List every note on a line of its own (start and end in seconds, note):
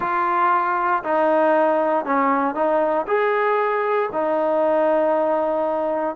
0.00 1.03 F4
1.03 2.05 D#4
2.05 2.54 C#4
2.54 3.06 D#4
3.07 4.09 G#4
4.12 6.15 D#4